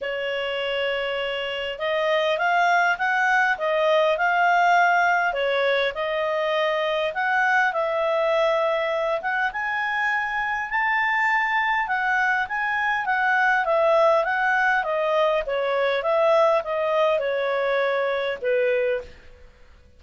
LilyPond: \new Staff \with { instrumentName = "clarinet" } { \time 4/4 \tempo 4 = 101 cis''2. dis''4 | f''4 fis''4 dis''4 f''4~ | f''4 cis''4 dis''2 | fis''4 e''2~ e''8 fis''8 |
gis''2 a''2 | fis''4 gis''4 fis''4 e''4 | fis''4 dis''4 cis''4 e''4 | dis''4 cis''2 b'4 | }